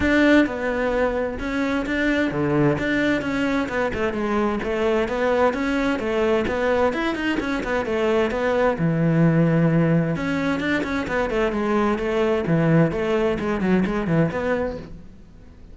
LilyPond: \new Staff \with { instrumentName = "cello" } { \time 4/4 \tempo 4 = 130 d'4 b2 cis'4 | d'4 d4 d'4 cis'4 | b8 a8 gis4 a4 b4 | cis'4 a4 b4 e'8 dis'8 |
cis'8 b8 a4 b4 e4~ | e2 cis'4 d'8 cis'8 | b8 a8 gis4 a4 e4 | a4 gis8 fis8 gis8 e8 b4 | }